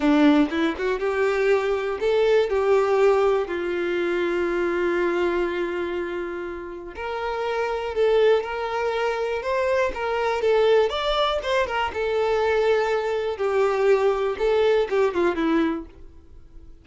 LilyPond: \new Staff \with { instrumentName = "violin" } { \time 4/4 \tempo 4 = 121 d'4 e'8 fis'8 g'2 | a'4 g'2 f'4~ | f'1~ | f'2 ais'2 |
a'4 ais'2 c''4 | ais'4 a'4 d''4 c''8 ais'8 | a'2. g'4~ | g'4 a'4 g'8 f'8 e'4 | }